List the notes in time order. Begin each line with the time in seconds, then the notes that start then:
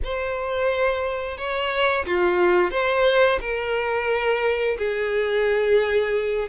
0.03 C5
1.37 C#5
2.05 F4
2.71 C5
3.41 A#4
4.78 G#4